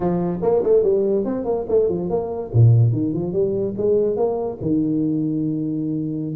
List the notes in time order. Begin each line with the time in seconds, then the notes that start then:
0.00 F3
0.41 A#3
0.63 A3
0.83 G3
1.24 C4
1.45 A#3
1.68 A3
1.88 F3
2.09 A#3
2.53 A#2
2.92 D#3
3.13 F3
3.32 G3
3.77 G#3
4.16 A#3
4.61 D#3